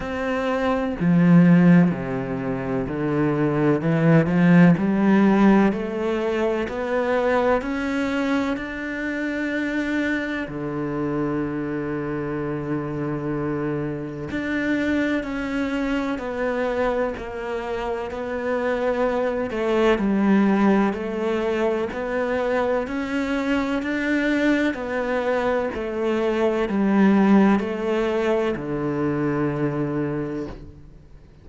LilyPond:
\new Staff \with { instrumentName = "cello" } { \time 4/4 \tempo 4 = 63 c'4 f4 c4 d4 | e8 f8 g4 a4 b4 | cis'4 d'2 d4~ | d2. d'4 |
cis'4 b4 ais4 b4~ | b8 a8 g4 a4 b4 | cis'4 d'4 b4 a4 | g4 a4 d2 | }